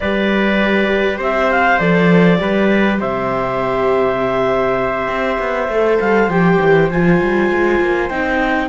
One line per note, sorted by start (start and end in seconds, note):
0.00 1.19 G3
0.00 1.78 G4
0.00 1.18 B4
0.00 1.19 D5
1.18 1.79 C4
1.18 2.38 C5
1.18 1.51 E5
1.51 1.79 F5
1.78 2.39 F3
1.78 2.38 A4
1.78 2.98 D5
2.38 3.00 G3
2.38 5.68 G4
2.38 3.00 B4
2.99 5.08 C3
2.99 8.69 C5
2.99 5.99 E5
5.08 5.38 C4
5.39 5.68 B3
5.68 5.98 A3
5.68 6.30 A4
5.99 6.28 G3
5.99 6.29 F5
6.28 6.58 F3
6.28 6.90 G4
6.28 6.89 G5
6.60 6.90 E3
6.90 7.20 F3
6.90 8.10 F4
6.90 8.09 G#5
7.21 7.50 G3
7.50 7.80 G#3
7.80 8.10 A#3
8.09 8.69 C4
8.09 8.69 D#4
8.09 8.69 G5